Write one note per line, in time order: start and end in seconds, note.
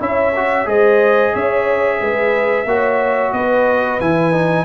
0.00 0.66 C#4
0.00 0.33 E4
0.00 0.67 C#5
0.00 0.68 E5
0.36 0.66 F#4
0.66 1.33 G#3
0.66 2.66 G#4
0.66 1.33 C5
0.66 1.35 D#5
1.33 2.02 C#4
1.33 2.00 C#5
1.33 3.33 E5
2.00 2.66 G#3
2.00 2.67 B4
2.66 3.32 A#3
2.66 4.01 F#4
2.66 3.33 C#5
3.33 3.99 B3
3.33 4.66 B4
3.33 4.00 D#5
4.00 4.66 E3
4.00 4.33 E4
4.00 4.66 G#5
4.33 4.66 D#4